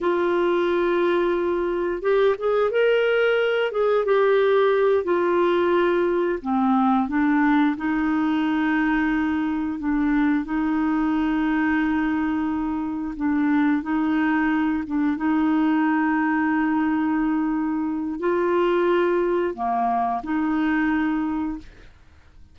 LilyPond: \new Staff \with { instrumentName = "clarinet" } { \time 4/4 \tempo 4 = 89 f'2. g'8 gis'8 | ais'4. gis'8 g'4. f'8~ | f'4. c'4 d'4 dis'8~ | dis'2~ dis'8 d'4 dis'8~ |
dis'2.~ dis'8 d'8~ | d'8 dis'4. d'8 dis'4.~ | dis'2. f'4~ | f'4 ais4 dis'2 | }